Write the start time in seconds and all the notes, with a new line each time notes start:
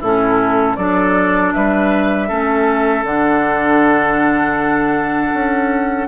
0.00 A2 C#4 E4 A4
0.76 F#3 D4 A4 D5
1.53 G3 B4 E5
2.28 A3 C#4 A4
3.03 D3 D4 F#5
5.33 C#4